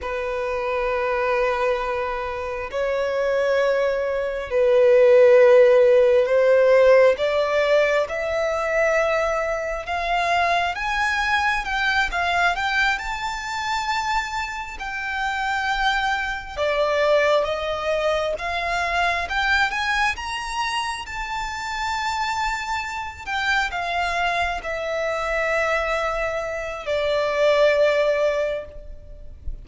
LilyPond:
\new Staff \with { instrumentName = "violin" } { \time 4/4 \tempo 4 = 67 b'2. cis''4~ | cis''4 b'2 c''4 | d''4 e''2 f''4 | gis''4 g''8 f''8 g''8 a''4.~ |
a''8 g''2 d''4 dis''8~ | dis''8 f''4 g''8 gis''8 ais''4 a''8~ | a''2 g''8 f''4 e''8~ | e''2 d''2 | }